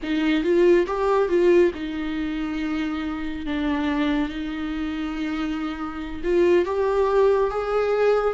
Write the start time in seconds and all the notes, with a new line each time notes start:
0.02 D#4
0.43 F4
0.86 G4
1.28 F4
1.74 D#4
3.46 D4
4.29 D#4
6.23 F4
6.65 G4
7.50 G#4